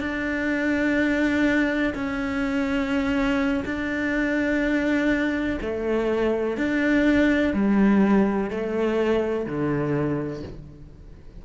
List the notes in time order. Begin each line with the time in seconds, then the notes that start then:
0.00 D4
1.94 C#4
3.65 D4
5.61 A3
6.57 D4
7.53 G3
8.50 A3
9.46 D3